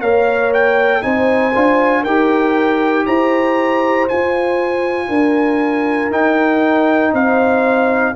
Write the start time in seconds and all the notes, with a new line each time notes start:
0.00 A#3 A#4 C#5 F5
0.53 G5
1.01 C4 D#4 C5 G#5
1.54 D4 F4
2.02 D#4 G4 A#4 G5
3.06 E4 C5 A#5
4.08 F4 G#5
5.08 D4 A#4
6.10 D#4 G5
7.12 C4 C5 F5